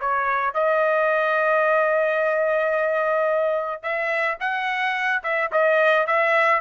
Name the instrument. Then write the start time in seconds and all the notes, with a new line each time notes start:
trumpet
0.00 C#5
0.54 D#5
3.82 E5
4.40 F#5
5.23 E5
5.51 D#5
6.07 E5